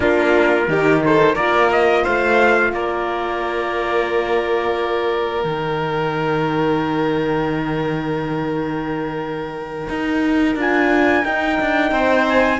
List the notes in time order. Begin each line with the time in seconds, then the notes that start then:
0.00 A#3 D4 F4 A#4
0.68 D#3 D#4 G4
1.04 A4 C5
1.35 A#3 F4 A#4 D5
1.71 D#5
2.03 A3 C5 F5
2.72 A#3 A#4 D5
5.44 D#3 D#4 G5
9.89 D#4
10.55 D4 F4 G#5
11.24 D#4 G5
11.60 D4
11.91 C4 C5
12.28 G#5